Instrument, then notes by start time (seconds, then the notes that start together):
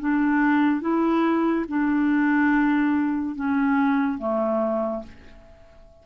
clarinet
0.00 D4
0.81 E4
1.69 D4
3.36 C#4
4.19 A3